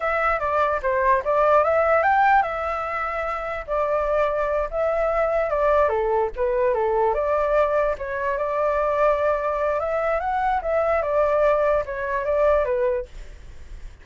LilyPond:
\new Staff \with { instrumentName = "flute" } { \time 4/4 \tempo 4 = 147 e''4 d''4 c''4 d''4 | e''4 g''4 e''2~ | e''4 d''2~ d''8 e''8~ | e''4. d''4 a'4 b'8~ |
b'8 a'4 d''2 cis''8~ | cis''8 d''2.~ d''8 | e''4 fis''4 e''4 d''4~ | d''4 cis''4 d''4 b'4 | }